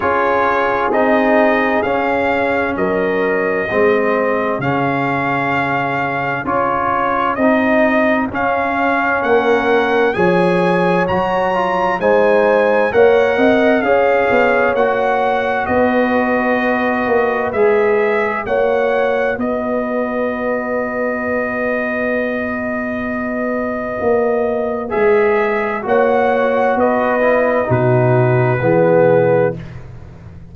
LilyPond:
<<
  \new Staff \with { instrumentName = "trumpet" } { \time 4/4 \tempo 4 = 65 cis''4 dis''4 f''4 dis''4~ | dis''4 f''2 cis''4 | dis''4 f''4 fis''4 gis''4 | ais''4 gis''4 fis''4 f''4 |
fis''4 dis''2 e''4 | fis''4 dis''2.~ | dis''2. e''4 | fis''4 dis''4 b'2 | }
  \new Staff \with { instrumentName = "horn" } { \time 4/4 gis'2. ais'4 | gis'1~ | gis'2 ais'4 cis''4~ | cis''4 c''4 cis''8 dis''8 cis''4~ |
cis''4 b'2. | cis''4 b'2.~ | b'1 | cis''4 b'4 fis'4 gis'4 | }
  \new Staff \with { instrumentName = "trombone" } { \time 4/4 f'4 dis'4 cis'2 | c'4 cis'2 f'4 | dis'4 cis'2 gis'4 | fis'8 f'8 dis'4 ais'4 gis'4 |
fis'2. gis'4 | fis'1~ | fis'2. gis'4 | fis'4. e'8 dis'4 b4 | }
  \new Staff \with { instrumentName = "tuba" } { \time 4/4 cis'4 c'4 cis'4 fis4 | gis4 cis2 cis'4 | c'4 cis'4 ais4 f4 | fis4 gis4 ais8 c'8 cis'8 b8 |
ais4 b4. ais8 gis4 | ais4 b2.~ | b2 ais4 gis4 | ais4 b4 b,4 e4 | }
>>